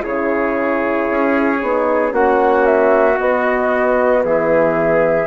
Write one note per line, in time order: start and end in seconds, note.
0.00 1.10 C#3
0.00 1.58 E4
0.00 2.14 G#4
0.00 2.13 C#5
1.10 1.62 C#4
1.62 2.12 B3
1.62 2.09 D#4
2.09 3.18 A#3
2.09 3.14 C#4
2.09 4.24 F#4
2.09 2.65 F#5
2.65 3.18 E5
3.15 5.25 B3
3.15 4.24 B3
3.15 4.23 D#5
4.24 5.26 E3
4.24 5.26 G#4
4.24 5.26 E5